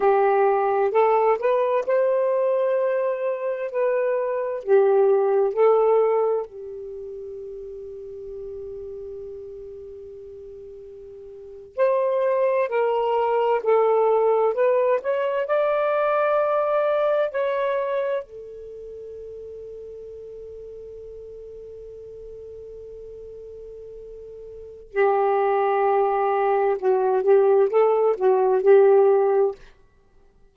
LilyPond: \new Staff \with { instrumentName = "saxophone" } { \time 4/4 \tempo 4 = 65 g'4 a'8 b'8 c''2 | b'4 g'4 a'4 g'4~ | g'1~ | g'8. c''4 ais'4 a'4 b'16~ |
b'16 cis''8 d''2 cis''4 a'16~ | a'1~ | a'2. g'4~ | g'4 fis'8 g'8 a'8 fis'8 g'4 | }